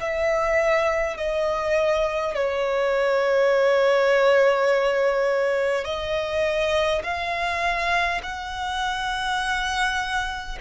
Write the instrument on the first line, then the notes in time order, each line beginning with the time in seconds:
violin
0.00 E5
1.17 D#5
2.34 C#5
5.84 D#5
7.03 F5
8.23 F#5